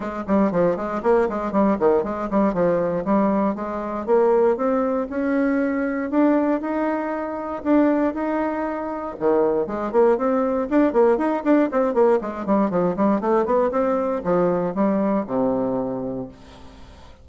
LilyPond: \new Staff \with { instrumentName = "bassoon" } { \time 4/4 \tempo 4 = 118 gis8 g8 f8 gis8 ais8 gis8 g8 dis8 | gis8 g8 f4 g4 gis4 | ais4 c'4 cis'2 | d'4 dis'2 d'4 |
dis'2 dis4 gis8 ais8 | c'4 d'8 ais8 dis'8 d'8 c'8 ais8 | gis8 g8 f8 g8 a8 b8 c'4 | f4 g4 c2 | }